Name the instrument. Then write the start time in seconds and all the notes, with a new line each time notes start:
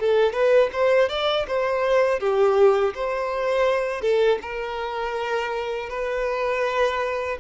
violin
0.00 A4
0.33 B4
0.73 C5
1.09 D5
1.47 C5
2.20 G4
2.95 C5
4.01 A4
4.42 A#4
5.90 B4